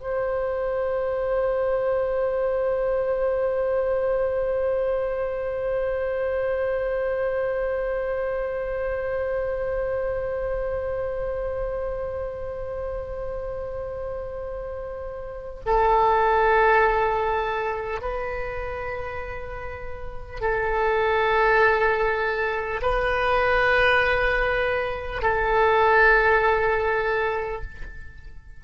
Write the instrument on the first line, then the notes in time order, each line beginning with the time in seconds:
oboe
0.00 C5
15.65 A4
18.01 B4
20.41 A4
22.82 B4
25.22 A4